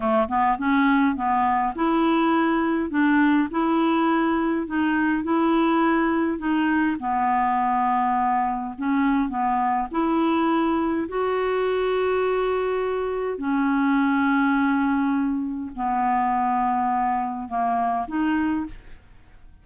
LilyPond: \new Staff \with { instrumentName = "clarinet" } { \time 4/4 \tempo 4 = 103 a8 b8 cis'4 b4 e'4~ | e'4 d'4 e'2 | dis'4 e'2 dis'4 | b2. cis'4 |
b4 e'2 fis'4~ | fis'2. cis'4~ | cis'2. b4~ | b2 ais4 dis'4 | }